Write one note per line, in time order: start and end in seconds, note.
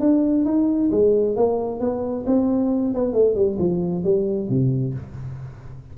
0.00 0.45 D4
0.45 0.90 D#4
0.91 1.36 G#3
1.36 1.80 A#3
1.80 2.25 B3
2.26 2.94 C4
2.94 3.13 B3
3.13 3.35 A3
3.35 3.58 G3
3.59 4.04 F3
4.04 4.49 G3
4.49 4.94 C3